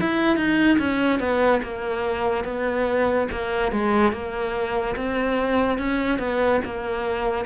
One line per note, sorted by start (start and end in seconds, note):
0.00 0.36 E4
0.36 0.78 D#4
0.78 1.19 C#4
1.19 1.61 B3
1.62 2.44 A#3
2.44 3.28 B3
3.31 3.72 A#3
3.72 4.12 G#3
4.12 4.95 A#3
4.96 5.78 C4
5.78 6.19 C#4
6.19 6.60 B3
6.64 7.45 A#3